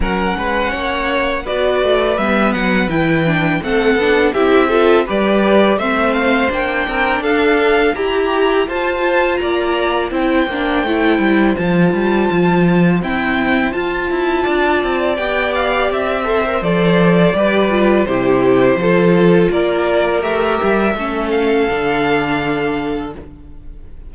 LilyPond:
<<
  \new Staff \with { instrumentName = "violin" } { \time 4/4 \tempo 4 = 83 fis''2 d''4 e''8 fis''8 | g''4 fis''4 e''4 d''4 | e''8 f''8 g''4 f''4 ais''4 | a''4 ais''4 g''2 |
a''2 g''4 a''4~ | a''4 g''8 f''8 e''4 d''4~ | d''4 c''2 d''4 | e''4. f''2~ f''8 | }
  \new Staff \with { instrumentName = "violin" } { \time 4/4 ais'8 b'8 cis''4 b'2~ | b'4 a'4 g'8 a'8 b'4 | c''4. ais'8 a'4 g'4 | c''4 d''4 c''2~ |
c''1 | d''2~ d''8 c''4. | b'4 g'4 a'4 ais'4~ | ais'4 a'2. | }
  \new Staff \with { instrumentName = "viola" } { \time 4/4 cis'2 fis'4 b4 | e'8 d'8 c'8 d'8 e'8 f'8 g'4 | c'4 d'2 g'4 | f'2 e'8 d'8 e'4 |
f'2 c'4 f'4~ | f'4 g'4. a'16 ais'16 a'4 | g'8 f'8 e'4 f'2 | g'4 cis'4 d'2 | }
  \new Staff \with { instrumentName = "cello" } { \time 4/4 fis8 gis8 ais4 b8 a8 g8 fis8 | e4 a8 b8 c'4 g4 | a4 ais8 c'8 d'4 e'4 | f'4 ais4 c'8 ais8 a8 g8 |
f8 g8 f4 e'4 f'8 e'8 | d'8 c'8 b4 c'4 f4 | g4 c4 f4 ais4 | a8 g8 a4 d2 | }
>>